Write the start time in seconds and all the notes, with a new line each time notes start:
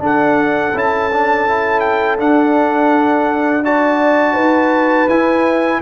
0.00 D4 A4
0.06 F#5
0.75 C#4 E4 A5
1.13 D4
1.48 E4
1.80 G5
2.19 D4 F#5
3.65 F#4 D5 A5
4.34 D#4 B4
5.08 E4 G#5